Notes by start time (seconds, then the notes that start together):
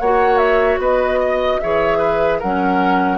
0.00 A#3 F#4 C#5 F#5
0.38 E5
0.78 B3 B4 D#5
1.20 D#5
1.60 E3 G#4 C#5 E5
1.98 B4
2.40 F#3 C#4 A#4 F#5